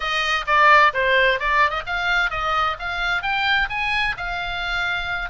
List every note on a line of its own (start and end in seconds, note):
0.00 0.45 D#5
0.46 0.93 D5
0.93 1.39 C5
1.39 1.70 D5
1.70 1.82 D#5
1.86 2.30 F5
2.30 2.76 D#5
2.79 3.22 F5
3.22 3.68 G5
3.69 4.15 G#5
4.17 5.29 F5